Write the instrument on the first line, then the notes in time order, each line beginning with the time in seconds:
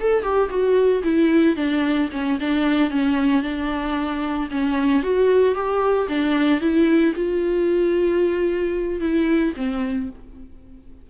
viola
0.00 A4
0.23 G4
0.49 F#4
1.04 E4
1.56 D4
2.12 C#4
2.40 D4
2.91 C#4
3.42 D4
4.51 C#4
5.03 F#4
5.55 G4
6.09 D4
6.61 E4
7.15 F4
9.00 E4
9.56 C4